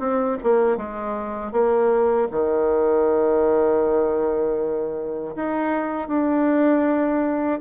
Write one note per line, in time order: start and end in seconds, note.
0.00 0.38 C4
0.43 0.77 A#3
0.77 1.52 G#3
1.52 2.28 A#3
2.31 5.35 D#3
5.36 6.08 D#4
6.08 7.60 D4